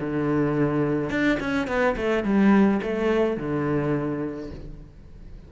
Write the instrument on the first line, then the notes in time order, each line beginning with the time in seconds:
cello
0.00 D3
1.10 D4
1.39 C#4
1.67 B3
1.96 A3
2.24 G3
2.82 A3
3.37 D3